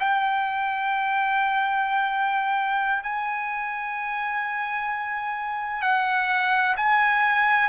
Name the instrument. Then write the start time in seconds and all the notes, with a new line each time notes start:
trumpet
0.00 G5
3.03 G#5
5.82 F#5
6.77 G#5